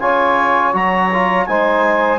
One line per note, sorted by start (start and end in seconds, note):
0.00 0.74 C#3
0.00 0.73 F4
0.00 1.47 C#5
0.00 0.73 G#5
0.73 1.47 F#3
0.73 1.10 F#4
0.73 1.47 A#5
1.13 1.49 F4
1.47 2.20 G#3
1.47 2.20 D#4
1.47 2.20 C5
1.47 2.20 G#5